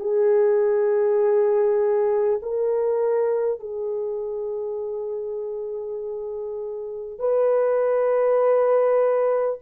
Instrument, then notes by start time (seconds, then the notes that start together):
horn
0.00 G#4
2.42 A#4
3.60 G#4
7.19 B4